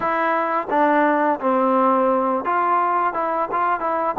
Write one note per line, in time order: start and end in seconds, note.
0.00 0.67 E4
0.70 1.40 D4
1.40 2.44 C4
2.45 3.13 F4
3.13 3.48 E4
3.51 3.80 F4
3.80 4.15 E4